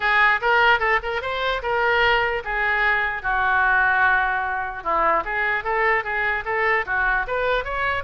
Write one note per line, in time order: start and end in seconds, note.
0.00 0.40 G#4
0.41 0.79 A#4
0.79 0.99 A4
1.02 1.21 A#4
1.21 1.61 C5
1.62 2.43 A#4
2.44 3.22 G#4
3.22 4.83 F#4
4.83 5.23 E4
5.24 5.64 G#4
5.64 6.03 A4
6.03 6.44 G#4
6.45 6.85 A4
6.86 7.26 F#4
7.27 7.64 B4
7.64 8.03 C#5